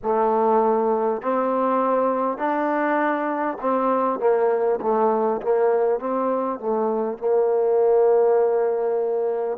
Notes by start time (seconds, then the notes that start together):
0.02 A3
1.22 C4
2.37 D4
3.60 C4
4.19 A#3
4.81 A3
5.41 A#3
5.99 C4
6.59 A3
7.18 A#3